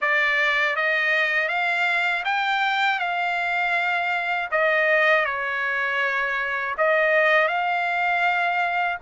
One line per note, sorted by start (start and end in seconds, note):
0.01 0.75 D5
0.75 1.48 D#5
1.48 2.23 F5
2.25 2.99 G5
2.99 4.49 F5
4.51 5.25 D#5
5.25 6.75 C#5
6.77 7.48 D#5
7.48 8.98 F5